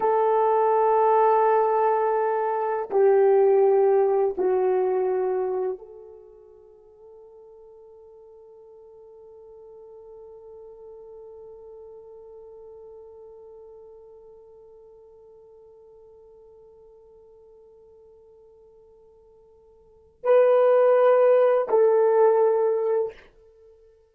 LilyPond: \new Staff \with { instrumentName = "horn" } { \time 4/4 \tempo 4 = 83 a'1 | g'2 fis'2 | a'1~ | a'1~ |
a'1~ | a'1~ | a'1 | b'2 a'2 | }